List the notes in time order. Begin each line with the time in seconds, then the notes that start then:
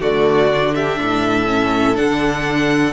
0.00 D3 A3 F#4 D5
0.51 D4
0.74 G4 E5
0.99 A2 A4
1.46 C#4
1.95 D3 D4 F#5